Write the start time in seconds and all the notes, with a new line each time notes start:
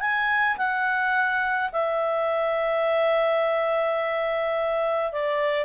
0.00 G#5
0.57 F#5
1.72 E5
5.11 D5